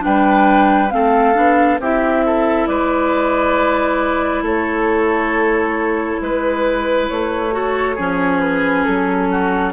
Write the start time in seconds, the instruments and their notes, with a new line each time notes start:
0.00 bassoon G3, clarinet D4, oboe B4, flute G5
0.90 bassoon A3, clarinet C4, oboe A4, flute F5
1.34 bassoon B3, clarinet D4
1.79 bassoon C4, clarinet E4, oboe G4, flute E5
2.26 oboe A4
2.67 bassoon G#3, oboe B4, flute D5
4.42 bassoon A3, oboe A4, flute C#5
6.21 bassoon G#3, flute B4, oboe B4
7.09 bassoon A3, flute C#5
7.52 clarinet F#4, oboe A4
7.96 bassoon F3, clarinet C#4, oboe G#4
8.40 flute B4
8.84 bassoon F#3, flute A4
9.31 oboe F#4